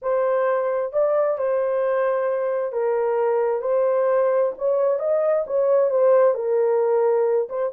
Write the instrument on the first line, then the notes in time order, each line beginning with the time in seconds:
horn
0.01 C5
0.92 D5
1.38 C5
2.72 A#4
3.61 C5
4.58 C#5
4.99 D#5
5.46 C#5
5.90 C5
6.34 A#4
7.49 C5